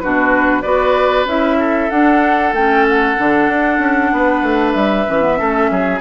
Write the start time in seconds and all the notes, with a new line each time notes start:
0.00 B2 D4 F#4 B4
0.62 B3 F#4 B4 D5
1.25 C#4 E4 E5
1.59 A4
1.90 D4 F#5
2.53 A3 C#4 G5
2.89 F#5
3.17 D3 D4
3.49 D4
3.79 C#4
4.13 B3 B4
4.42 A3
4.72 G3 E5
5.07 E3 C#4
5.22 B3
5.37 A3 C#4 A4
5.70 F#3 G#4